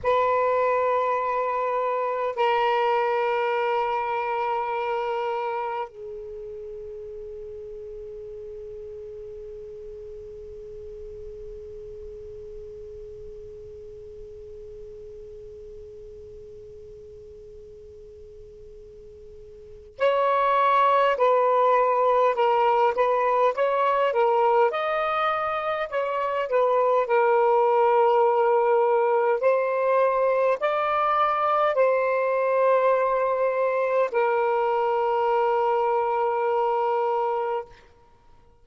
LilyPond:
\new Staff \with { instrumentName = "saxophone" } { \time 4/4 \tempo 4 = 51 b'2 ais'2~ | ais'4 gis'2.~ | gis'1~ | gis'1~ |
gis'4 cis''4 b'4 ais'8 b'8 | cis''8 ais'8 dis''4 cis''8 b'8 ais'4~ | ais'4 c''4 d''4 c''4~ | c''4 ais'2. | }